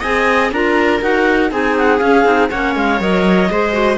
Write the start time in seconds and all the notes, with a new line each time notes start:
0.00 C4 G#4 D#5 G#5
0.51 D4 F4 A#4 A#5
1.01 D#4 F#4 F#5
1.50 C4 D#4 G#4 G#5
1.77 F#5
1.99 C#4 F5
2.24 C4 D#4
2.49 A#3 C#4 C#5 F#5
2.76 G#3 F5
3.00 F#3 A#4 D#5
3.50 G#3 G#4 C5
3.73 F#4